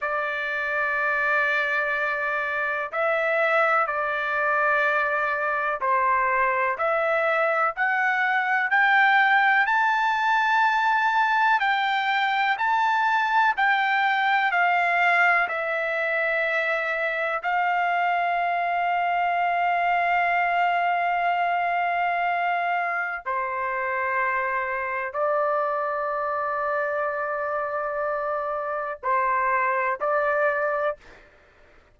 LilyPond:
\new Staff \with { instrumentName = "trumpet" } { \time 4/4 \tempo 4 = 62 d''2. e''4 | d''2 c''4 e''4 | fis''4 g''4 a''2 | g''4 a''4 g''4 f''4 |
e''2 f''2~ | f''1 | c''2 d''2~ | d''2 c''4 d''4 | }